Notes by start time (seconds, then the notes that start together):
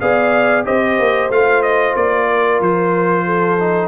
0.00 B3 G#4 D5 F5
0.65 C4 G4 C5 D#5
0.99 A#3
1.30 A3 F4 F5
1.62 D#5
1.96 A#3 D5
2.29 A#4
2.60 F3 C5
3.25 A4
3.59 D#4